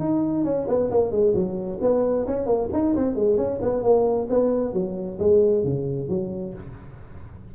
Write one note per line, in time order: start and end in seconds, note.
0.00 0.45 D#4
0.45 0.67 C#4
0.68 0.91 B3
0.91 1.12 A#3
1.12 1.34 G#3
1.34 1.79 F#3
1.82 2.27 B3
2.27 2.46 C#4
2.46 2.69 A#3
2.73 2.96 D#4
2.96 3.16 C4
3.16 3.38 G#3
3.38 3.60 C#4
3.62 3.83 B3
3.83 4.28 A#3
4.30 4.74 B3
4.74 5.19 F#3
5.19 5.64 G#3
5.64 6.09 C#3
6.09 6.54 F#3